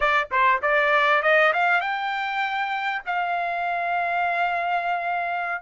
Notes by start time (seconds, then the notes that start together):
0.00 D5
0.31 C5
0.61 D5
1.22 D#5
1.53 F5
1.80 G5
3.06 F5